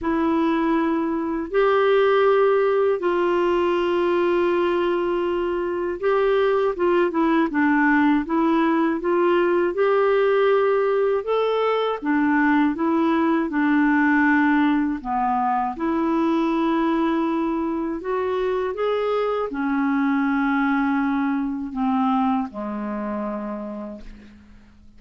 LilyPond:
\new Staff \with { instrumentName = "clarinet" } { \time 4/4 \tempo 4 = 80 e'2 g'2 | f'1 | g'4 f'8 e'8 d'4 e'4 | f'4 g'2 a'4 |
d'4 e'4 d'2 | b4 e'2. | fis'4 gis'4 cis'2~ | cis'4 c'4 gis2 | }